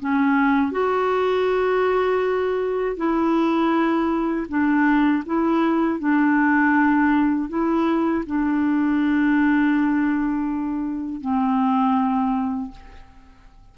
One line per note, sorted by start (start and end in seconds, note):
0.00 0.72 C#4
0.72 2.97 F#4
2.97 4.47 E4
4.49 5.24 D4
5.26 6.00 E4
6.00 7.49 D4
7.49 8.24 E4
8.27 11.21 D4
11.21 12.71 C4